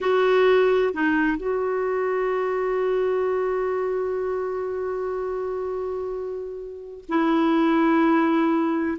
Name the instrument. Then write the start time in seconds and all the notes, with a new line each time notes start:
clarinet
0.01 F#4
0.93 D#4
1.37 F#4
7.09 E4